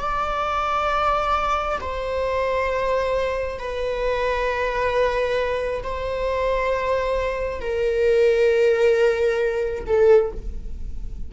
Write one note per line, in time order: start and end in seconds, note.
0.00 1.79 D5
1.80 3.59 C5
3.59 5.82 B4
5.83 7.60 C5
7.60 9.84 A#4
9.86 10.31 A4